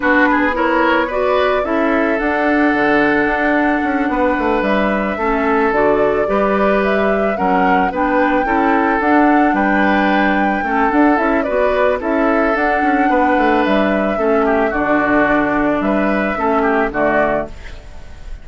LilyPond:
<<
  \new Staff \with { instrumentName = "flute" } { \time 4/4 \tempo 4 = 110 b'4 cis''4 d''4 e''4 | fis''1~ | fis''8 e''2 d''4.~ | d''8 e''4 fis''4 g''4.~ |
g''8 fis''4 g''2~ g''8 | fis''8 e''8 d''4 e''4 fis''4~ | fis''4 e''2 d''4~ | d''4 e''2 d''4 | }
  \new Staff \with { instrumentName = "oboe" } { \time 4/4 fis'8 gis'8 ais'4 b'4 a'4~ | a'2.~ a'8 b'8~ | b'4. a'2 b'8~ | b'4. ais'4 b'4 a'8~ |
a'4. b'2 a'8~ | a'4 b'4 a'2 | b'2 a'8 g'8 fis'4~ | fis'4 b'4 a'8 g'8 fis'4 | }
  \new Staff \with { instrumentName = "clarinet" } { \time 4/4 d'4 e'4 fis'4 e'4 | d'1~ | d'4. cis'4 fis'4 g'8~ | g'4. cis'4 d'4 e'8~ |
e'8 d'2. cis'8 | d'8 e'8 fis'4 e'4 d'4~ | d'2 cis'4 d'4~ | d'2 cis'4 a4 | }
  \new Staff \with { instrumentName = "bassoon" } { \time 4/4 b2. cis'4 | d'4 d4 d'4 cis'8 b8 | a8 g4 a4 d4 g8~ | g4. fis4 b4 cis'8~ |
cis'8 d'4 g2 a8 | d'8 cis'8 b4 cis'4 d'8 cis'8 | b8 a8 g4 a4 d4~ | d4 g4 a4 d4 | }
>>